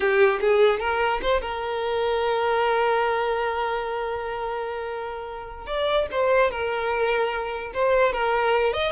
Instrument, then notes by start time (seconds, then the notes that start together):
violin
0.00 G4
0.41 G#4
0.79 A#4
1.22 C5
1.41 A#4
5.66 D5
6.11 C5
6.50 A#4
7.73 C5
8.12 A#4
8.73 D#5